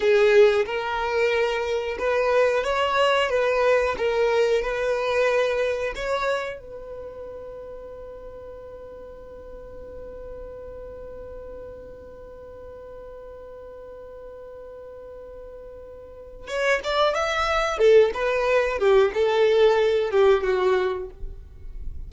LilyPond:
\new Staff \with { instrumentName = "violin" } { \time 4/4 \tempo 4 = 91 gis'4 ais'2 b'4 | cis''4 b'4 ais'4 b'4~ | b'4 cis''4 b'2~ | b'1~ |
b'1~ | b'1~ | b'4 cis''8 d''8 e''4 a'8 b'8~ | b'8 g'8 a'4. g'8 fis'4 | }